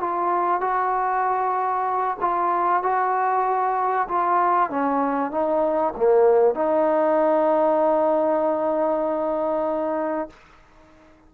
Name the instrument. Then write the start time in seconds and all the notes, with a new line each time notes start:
trombone
0.00 F4
0.61 F#4
2.21 F4
2.83 F#4
4.09 F4
4.70 C#4
5.31 D#4
5.96 A#3
6.55 D#4